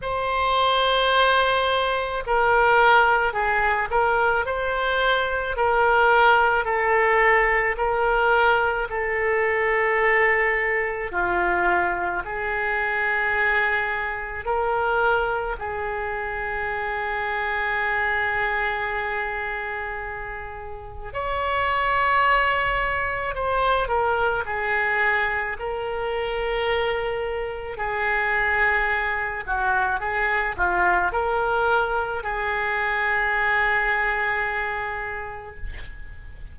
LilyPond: \new Staff \with { instrumentName = "oboe" } { \time 4/4 \tempo 4 = 54 c''2 ais'4 gis'8 ais'8 | c''4 ais'4 a'4 ais'4 | a'2 f'4 gis'4~ | gis'4 ais'4 gis'2~ |
gis'2. cis''4~ | cis''4 c''8 ais'8 gis'4 ais'4~ | ais'4 gis'4. fis'8 gis'8 f'8 | ais'4 gis'2. | }